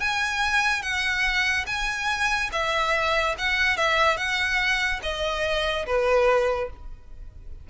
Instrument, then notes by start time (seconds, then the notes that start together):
violin
0.00 G#5
0.82 F#5
1.67 G#5
2.52 E5
3.38 F#5
3.77 E5
4.17 F#5
5.03 D#5
5.86 B4